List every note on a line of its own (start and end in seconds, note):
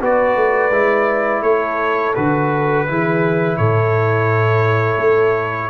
0.00 0.36 B3
0.00 0.71 F#4
0.00 1.43 B4
0.00 1.42 D5
0.36 0.71 A3
0.71 1.42 G#3
0.71 2.14 E4
1.42 2.13 A3
1.42 2.86 A4
1.42 2.14 C#5
2.15 2.88 D3
2.15 2.87 F#4
2.15 3.57 B4
2.87 3.58 E3
2.87 5.70 E4
2.87 3.58 G#4
3.57 4.97 A2
3.57 5.70 A4
3.57 5.70 C#5
4.97 5.69 A3